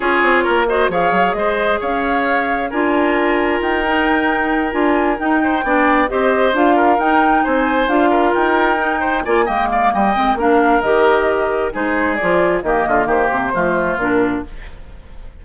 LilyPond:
<<
  \new Staff \with { instrumentName = "flute" } { \time 4/4 \tempo 4 = 133 cis''4. dis''8 f''4 dis''4 | f''2 gis''2 | g''2~ g''8 gis''4 g''8~ | g''4. dis''4 f''4 g''8~ |
g''8 gis''4 f''4 g''4.~ | g''8 gis''8 g''8 f''8 g''4 f''4 | dis''2 c''4 d''4 | dis''4 c''2 ais'4 | }
  \new Staff \with { instrumentName = "oboe" } { \time 4/4 gis'4 ais'8 c''8 cis''4 c''4 | cis''2 ais'2~ | ais'1 | c''8 d''4 c''4. ais'4~ |
ais'8 c''4. ais'2 | c''8 d''8 dis''8 d''8 dis''4 ais'4~ | ais'2 gis'2 | g'8 f'8 g'4 f'2 | }
  \new Staff \with { instrumentName = "clarinet" } { \time 4/4 f'4. fis'8 gis'2~ | gis'2 f'2~ | f'8 dis'2 f'4 dis'8~ | dis'8 d'4 g'4 f'4 dis'8~ |
dis'4. f'2 dis'8~ | dis'8 f'8 ais4. c'8 d'4 | g'2 dis'4 f'4 | ais2 a4 d'4 | }
  \new Staff \with { instrumentName = "bassoon" } { \time 4/4 cis'8 c'8 ais4 f8 fis8 gis4 | cis'2 d'2 | dis'2~ dis'8 d'4 dis'8~ | dis'8 b4 c'4 d'4 dis'8~ |
dis'8 c'4 d'4 dis'4.~ | dis'8 ais8 gis4 g8 gis8 ais4 | dis2 gis4 f4 | dis8 d8 dis8 c8 f4 ais,4 | }
>>